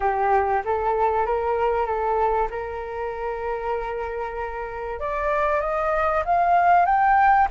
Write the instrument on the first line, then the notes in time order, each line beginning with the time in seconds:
flute
0.00 G4
0.64 A4
1.26 A#4
1.86 A4
2.50 A#4
4.99 D5
5.61 D#5
6.25 F5
6.85 G5